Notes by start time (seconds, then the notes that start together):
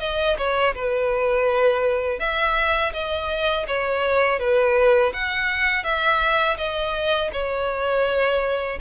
0.00 D#5
0.38 C#5
0.75 B4
2.20 E5
2.93 D#5
3.68 C#5
4.40 B4
5.13 F#5
5.84 E5
6.58 D#5
7.33 C#5